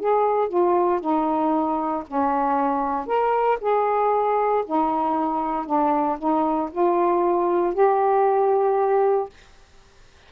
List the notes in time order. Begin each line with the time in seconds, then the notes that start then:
0.00 G#4
0.49 F4
1.01 D#4
2.08 C#4
3.07 A#4
3.61 G#4
4.66 D#4
5.66 D4
6.19 D#4
6.72 F4
7.74 G4